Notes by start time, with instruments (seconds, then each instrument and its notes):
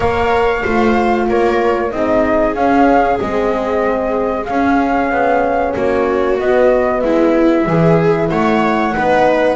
0.00 double bass A#3, horn A#4, viola C#5, flute F5
0.63 double bass A3, horn F4, viola C5
1.28 double bass A#3, viola A#4, flute C#5
1.90 double bass C4, horn D#4, viola G#4, flute D#5
2.54 horn C#4, double bass C#4, flute F5
3.19 double bass G#3, horn C4, flute D#5
4.45 horn C#4, double bass C#4, flute F5
5.10 double bass B3
5.73 double bass A#3, viola F#4, flute C#5
6.37 horn B3, double bass B3, flute D#5
7.00 double bass G#3, viola E4, flute E5
7.66 double bass E3, horn E4, viola G#4
8.28 double bass A3, viola C#5, flute F#5
8.93 double bass B3, horn D#4, viola B4